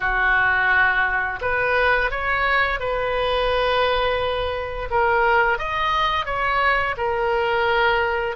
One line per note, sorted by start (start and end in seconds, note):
0.00 1.40 F#4
1.41 2.10 B4
2.10 2.79 C#5
2.79 4.88 B4
4.90 5.58 A#4
5.58 6.25 D#5
6.25 6.95 C#5
6.97 8.36 A#4